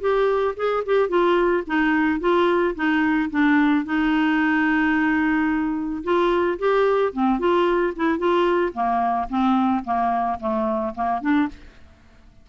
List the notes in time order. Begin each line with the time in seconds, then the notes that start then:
0.00 G4
0.56 G#4
0.85 G4
1.09 F4
1.66 D#4
2.20 F4
2.75 D#4
3.30 D4
3.85 D#4
6.03 F4
6.59 G4
7.12 C4
7.39 F4
7.96 E4
8.18 F4
8.73 A#3
9.29 C4
9.84 A#3
10.40 A3
10.94 A#3
11.21 D4